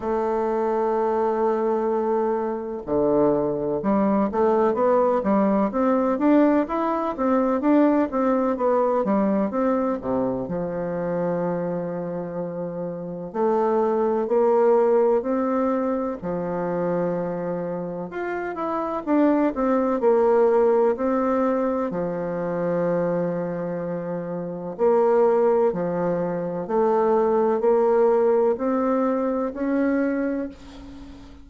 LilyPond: \new Staff \with { instrumentName = "bassoon" } { \time 4/4 \tempo 4 = 63 a2. d4 | g8 a8 b8 g8 c'8 d'8 e'8 c'8 | d'8 c'8 b8 g8 c'8 c8 f4~ | f2 a4 ais4 |
c'4 f2 f'8 e'8 | d'8 c'8 ais4 c'4 f4~ | f2 ais4 f4 | a4 ais4 c'4 cis'4 | }